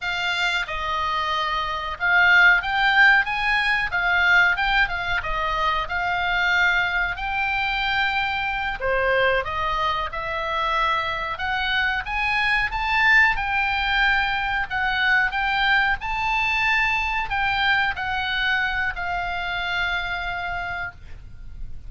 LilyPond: \new Staff \with { instrumentName = "oboe" } { \time 4/4 \tempo 4 = 92 f''4 dis''2 f''4 | g''4 gis''4 f''4 g''8 f''8 | dis''4 f''2 g''4~ | g''4. c''4 dis''4 e''8~ |
e''4. fis''4 gis''4 a''8~ | a''8 g''2 fis''4 g''8~ | g''8 a''2 g''4 fis''8~ | fis''4 f''2. | }